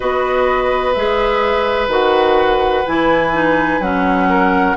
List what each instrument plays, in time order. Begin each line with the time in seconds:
0.00 bassoon B3, clarinet F#4, oboe B4, flute D#5
0.93 bassoon G#3, clarinet G#4, flute E5
1.87 bassoon D#3, clarinet F#4, flute F#5
2.86 bassoon E3, clarinet E4, flute G#5
3.33 clarinet D#4
3.79 bassoon F#3, clarinet C#4, flute F#5
4.29 oboe A#4